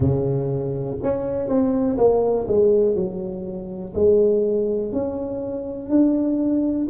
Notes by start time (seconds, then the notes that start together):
0.00 C#3
1.02 C#4
1.48 C4
1.97 A#3
2.48 G#3
2.95 F#3
3.94 G#3
4.92 C#4
5.89 D4